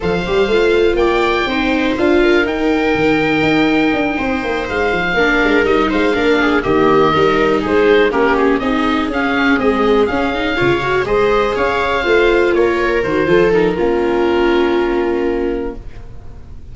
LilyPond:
<<
  \new Staff \with { instrumentName = "oboe" } { \time 4/4 \tempo 4 = 122 f''2 g''2 | f''4 g''2.~ | g''4. f''2 dis''8 | f''4. dis''2 c''8~ |
c''8 ais'8 gis'8 dis''4 f''4 dis''8~ | dis''8 f''2 dis''4 f''8~ | f''4. cis''4 c''4 ais'8~ | ais'1 | }
  \new Staff \with { instrumentName = "viola" } { \time 4/4 c''2 d''4 c''4~ | c''8 ais'2.~ ais'8~ | ais'8 c''2 ais'4. | c''8 ais'8 gis'8 g'4 ais'4 gis'8~ |
gis'8 g'4 gis'2~ gis'8~ | gis'4. cis''4 c''4 cis''8~ | cis''8 c''4 ais'4. a'4 | f'1 | }
  \new Staff \with { instrumentName = "viola" } { \time 4/4 a'8 g'8 f'2 dis'4 | f'4 dis'2.~ | dis'2~ dis'8 d'4 dis'8~ | dis'8 d'4 ais4 dis'4.~ |
dis'8 cis'4 dis'4 cis'4 gis8~ | gis8 cis'8 dis'8 f'8 fis'8 gis'4.~ | gis'8 f'2 fis'8 f'8 dis'8 | cis'1 | }
  \new Staff \with { instrumentName = "tuba" } { \time 4/4 f8 g8 a4 ais4 c'4 | d'4 dis'4 dis4 dis'4 | d'8 c'8 ais8 gis8 f8 ais8 gis8 g8 | gis8 ais4 dis4 g4 gis8~ |
gis8 ais4 c'4 cis'4 c'8~ | c'8 cis'4 cis4 gis4 cis'8~ | cis'8 a4 ais4 dis8 f4 | ais1 | }
>>